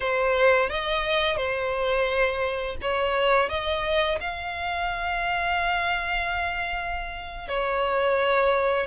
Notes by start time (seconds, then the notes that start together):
0.00 C5
0.69 D#5
1.36 C5
2.81 C#5
3.49 D#5
4.20 F5
7.48 C#5